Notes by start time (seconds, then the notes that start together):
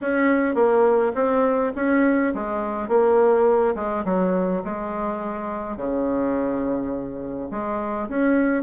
0.01 C#4
0.55 A#3
1.14 C4
1.75 C#4
2.34 G#3
2.88 A#3
3.75 G#3
4.04 F#3
4.64 G#3
5.76 C#3
7.50 G#3
8.08 C#4